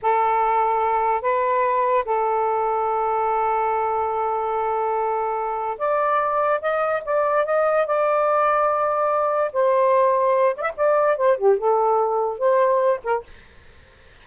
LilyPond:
\new Staff \with { instrumentName = "saxophone" } { \time 4/4 \tempo 4 = 145 a'2. b'4~ | b'4 a'2.~ | a'1~ | a'2 d''2 |
dis''4 d''4 dis''4 d''4~ | d''2. c''4~ | c''4. d''16 e''16 d''4 c''8 g'8 | a'2 c''4. ais'8 | }